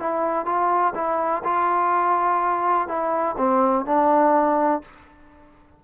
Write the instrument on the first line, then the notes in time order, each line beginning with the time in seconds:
trombone
0.00 E4
0.46 F4
0.95 E4
1.44 F4
2.88 E4
3.38 C4
3.86 D4